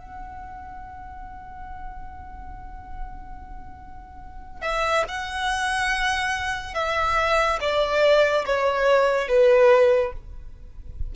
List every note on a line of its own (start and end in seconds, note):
0.00 4.62 F#5
4.62 5.05 E5
5.09 6.75 F#5
6.75 7.59 E5
7.61 8.45 D5
8.46 9.28 C#5
9.28 10.13 B4